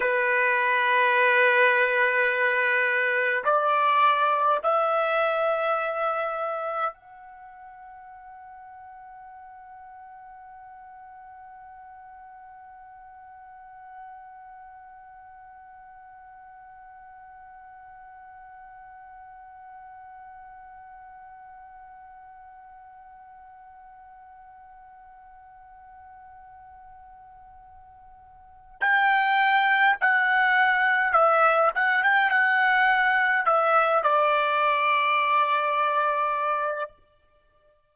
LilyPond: \new Staff \with { instrumentName = "trumpet" } { \time 4/4 \tempo 4 = 52 b'2. d''4 | e''2 fis''2~ | fis''1~ | fis''1~ |
fis''1~ | fis''1~ | fis''4 g''4 fis''4 e''8 fis''16 g''16 | fis''4 e''8 d''2~ d''8 | }